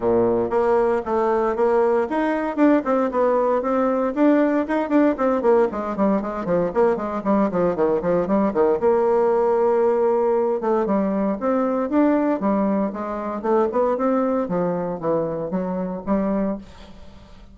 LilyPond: \new Staff \with { instrumentName = "bassoon" } { \time 4/4 \tempo 4 = 116 ais,4 ais4 a4 ais4 | dis'4 d'8 c'8 b4 c'4 | d'4 dis'8 d'8 c'8 ais8 gis8 g8 | gis8 f8 ais8 gis8 g8 f8 dis8 f8 |
g8 dis8 ais2.~ | ais8 a8 g4 c'4 d'4 | g4 gis4 a8 b8 c'4 | f4 e4 fis4 g4 | }